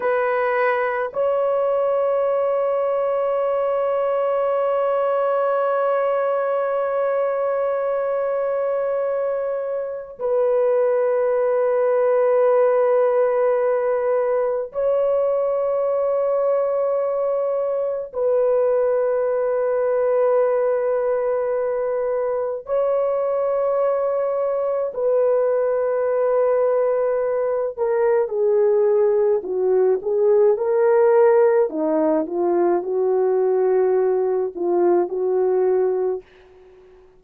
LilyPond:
\new Staff \with { instrumentName = "horn" } { \time 4/4 \tempo 4 = 53 b'4 cis''2.~ | cis''1~ | cis''4 b'2.~ | b'4 cis''2. |
b'1 | cis''2 b'2~ | b'8 ais'8 gis'4 fis'8 gis'8 ais'4 | dis'8 f'8 fis'4. f'8 fis'4 | }